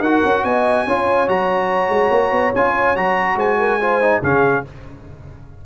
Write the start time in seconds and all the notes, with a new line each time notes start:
0.00 D#4 F#4 A#4 F#5
0.25 C#4
0.44 B3 D#5 G#5
0.87 C#4 F4 C#5
1.28 F#3 F#4 A#5
1.89 G#3
2.11 A#3
2.32 B3
2.55 C#4 F4 G#5
2.96 F#3 F#4 A#5
3.36 G#3 C5 G#5
3.60 A#4
3.81 F4 C5
4.02 D#4
4.22 C#3 C#4 G#4 F5